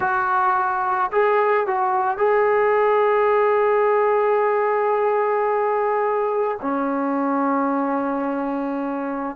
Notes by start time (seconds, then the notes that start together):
0.00 F#4
1.11 G#4
1.66 F#4
2.17 G#4
6.61 C#4